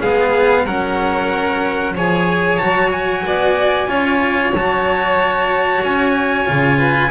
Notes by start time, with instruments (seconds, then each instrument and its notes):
0.00 double bass G#3, cello B3, violin G#4, trumpet F5
0.65 double bass F#3, cello C#4, violin A#4, trumpet F#5
1.94 double bass F3, cello G#4, violin C#5, trumpet G#5
2.58 double bass F#3, cello F#4, trumpet A5
2.92 trumpet G#5
3.26 double bass B3, violin D5
3.87 double bass C#4, cello F4, violin C#5
4.53 double bass F#3, cello F#4, trumpet A5
5.84 double bass C#4, trumpet G#5
6.46 double bass C#3, cello F4
6.78 violin B4